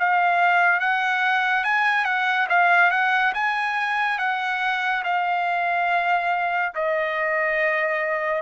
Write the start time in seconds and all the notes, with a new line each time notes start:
0.00 F5
0.80 F#5
1.64 G#5
2.05 F#5
2.49 F5
2.91 F#5
3.34 G#5
4.19 F#5
5.04 F5
6.75 D#5